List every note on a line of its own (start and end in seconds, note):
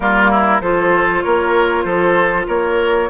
0.00 0.60 G3
0.00 0.61 A#3
0.00 0.30 F4
0.00 0.61 A#4
0.30 0.61 E4
0.60 1.22 F3
0.60 3.09 F4
0.60 1.23 A4
0.60 1.22 C5
1.22 1.84 A#3
1.22 1.85 A#4
1.22 1.82 C#5
1.82 2.46 F3
1.82 2.46 A4
1.82 2.44 C5
2.47 3.09 A#3
2.47 3.09 A#4
2.47 3.09 C#5